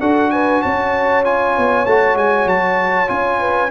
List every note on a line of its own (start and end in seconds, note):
0.00 0.62 D4
0.00 1.24 F#4
0.00 0.31 A4
0.00 0.31 F#5
0.31 0.63 B4
0.31 0.61 G#5
0.62 1.58 C#4
0.62 3.39 C#5
0.62 1.24 A5
1.24 1.86 F4
1.24 1.86 G#5
1.58 1.86 B3
1.86 2.15 A3
1.86 3.07 F#4
1.86 2.17 A5
2.15 2.46 G#3
2.15 2.48 G#5
2.46 3.08 F#3
2.46 3.09 A5
3.07 3.70 C#4
3.07 3.69 F4
3.07 3.70 G#5
3.39 3.70 B4